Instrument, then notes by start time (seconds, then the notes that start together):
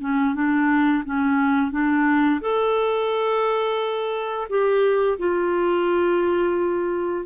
clarinet
0.00 C#4
0.34 D4
1.05 C#4
1.71 D4
2.41 A4
4.49 G4
5.18 F4